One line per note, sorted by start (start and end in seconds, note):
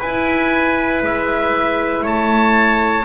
0.00 1.03 E4
0.00 3.06 E4
0.00 2.03 B4
0.00 1.03 G#5
1.03 2.04 G#3
1.03 2.06 E5
2.03 3.06 A3
2.03 3.05 C#5
2.03 3.06 A5